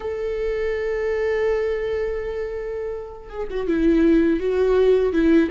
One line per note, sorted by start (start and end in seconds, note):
0.00 3.29 A4
3.29 3.47 G#4
3.50 3.67 F#4
3.67 4.40 E4
4.40 5.12 F#4
5.12 5.49 E4